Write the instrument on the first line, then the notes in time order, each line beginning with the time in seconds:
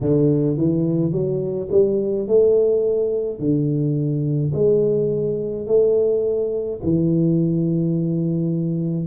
tuba
0.00 D3
0.57 E3
1.12 F#3
1.71 G3
2.27 A3
3.39 D3
4.53 G#3
5.67 A3
6.83 E3